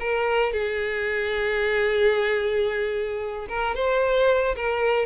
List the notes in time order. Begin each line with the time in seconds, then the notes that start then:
0.00 A#4
0.53 G#4
3.49 A#4
3.75 C5
4.56 A#4